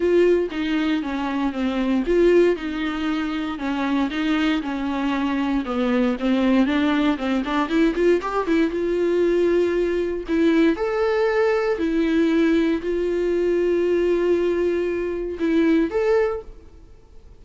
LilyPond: \new Staff \with { instrumentName = "viola" } { \time 4/4 \tempo 4 = 117 f'4 dis'4 cis'4 c'4 | f'4 dis'2 cis'4 | dis'4 cis'2 b4 | c'4 d'4 c'8 d'8 e'8 f'8 |
g'8 e'8 f'2. | e'4 a'2 e'4~ | e'4 f'2.~ | f'2 e'4 a'4 | }